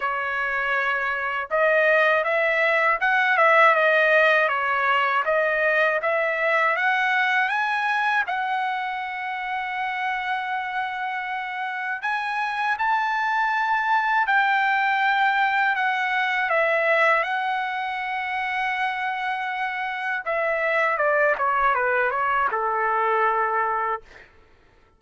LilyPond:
\new Staff \with { instrumentName = "trumpet" } { \time 4/4 \tempo 4 = 80 cis''2 dis''4 e''4 | fis''8 e''8 dis''4 cis''4 dis''4 | e''4 fis''4 gis''4 fis''4~ | fis''1 |
gis''4 a''2 g''4~ | g''4 fis''4 e''4 fis''4~ | fis''2. e''4 | d''8 cis''8 b'8 cis''8 a'2 | }